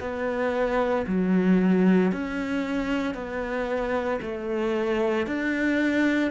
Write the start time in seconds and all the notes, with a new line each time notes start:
0.00 B3
1.06 F#3
2.11 C#4
3.14 B3
4.21 A3
5.26 D4